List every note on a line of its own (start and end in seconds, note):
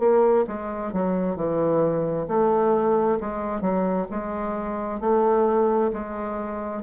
0.00 0.45 A#3
0.48 0.93 G#3
0.93 1.36 F#3
1.36 2.27 E3
2.28 3.19 A3
3.21 3.62 G#3
3.62 4.07 F#3
4.11 5.01 G#3
5.01 5.92 A3
5.93 6.83 G#3